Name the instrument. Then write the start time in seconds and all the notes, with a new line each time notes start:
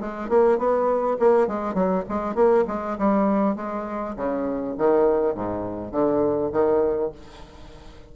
bassoon
0.00 G#3
0.29 A#3
0.58 B3
1.20 A#3
1.47 G#3
1.74 F#3
2.09 G#3
2.35 A#3
2.68 G#3
2.98 G3
3.56 G#3
4.16 C#3
4.78 D#3
5.34 G#2
5.92 D3
6.52 D#3